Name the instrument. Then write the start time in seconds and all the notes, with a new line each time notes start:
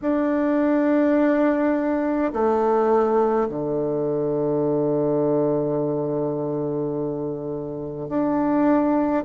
bassoon
0.01 D4
2.32 A3
3.48 D3
8.08 D4